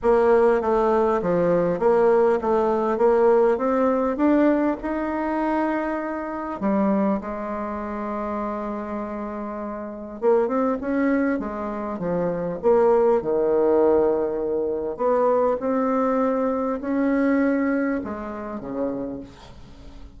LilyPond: \new Staff \with { instrumentName = "bassoon" } { \time 4/4 \tempo 4 = 100 ais4 a4 f4 ais4 | a4 ais4 c'4 d'4 | dis'2. g4 | gis1~ |
gis4 ais8 c'8 cis'4 gis4 | f4 ais4 dis2~ | dis4 b4 c'2 | cis'2 gis4 cis4 | }